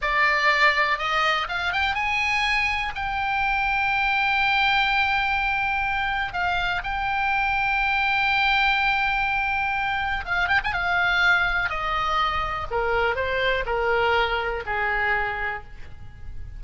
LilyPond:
\new Staff \with { instrumentName = "oboe" } { \time 4/4 \tempo 4 = 123 d''2 dis''4 f''8 g''8 | gis''2 g''2~ | g''1~ | g''4 f''4 g''2~ |
g''1~ | g''4 f''8 g''16 gis''16 f''2 | dis''2 ais'4 c''4 | ais'2 gis'2 | }